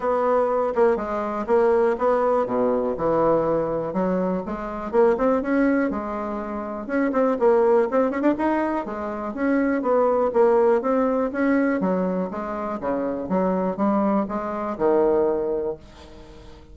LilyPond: \new Staff \with { instrumentName = "bassoon" } { \time 4/4 \tempo 4 = 122 b4. ais8 gis4 ais4 | b4 b,4 e2 | fis4 gis4 ais8 c'8 cis'4 | gis2 cis'8 c'8 ais4 |
c'8 cis'16 d'16 dis'4 gis4 cis'4 | b4 ais4 c'4 cis'4 | fis4 gis4 cis4 fis4 | g4 gis4 dis2 | }